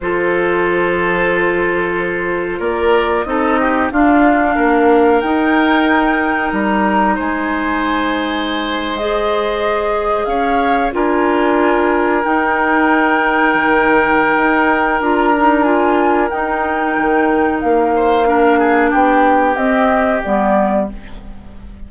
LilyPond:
<<
  \new Staff \with { instrumentName = "flute" } { \time 4/4 \tempo 4 = 92 c''1 | d''4 dis''4 f''2 | g''2 ais''4 gis''4~ | gis''4.~ gis''16 dis''2 f''16~ |
f''8. gis''2 g''4~ g''16~ | g''2. ais''4 | gis''4 g''2 f''4~ | f''4 g''4 dis''4 d''4 | }
  \new Staff \with { instrumentName = "oboe" } { \time 4/4 a'1 | ais'4 a'8 g'8 f'4 ais'4~ | ais'2. c''4~ | c''2.~ c''8. cis''16~ |
cis''8. ais'2.~ ais'16~ | ais'1~ | ais'2.~ ais'8 c''8 | ais'8 gis'8 g'2. | }
  \new Staff \with { instrumentName = "clarinet" } { \time 4/4 f'1~ | f'4 dis'4 d'2 | dis'1~ | dis'4.~ dis'16 gis'2~ gis'16~ |
gis'8. f'2 dis'4~ dis'16~ | dis'2. f'8 dis'8 | f'4 dis'2. | d'2 c'4 b4 | }
  \new Staff \with { instrumentName = "bassoon" } { \time 4/4 f1 | ais4 c'4 d'4 ais4 | dis'2 g4 gis4~ | gis2.~ gis8. cis'16~ |
cis'8. d'2 dis'4~ dis'16~ | dis'8. dis4~ dis16 dis'4 d'4~ | d'4 dis'4 dis4 ais4~ | ais4 b4 c'4 g4 | }
>>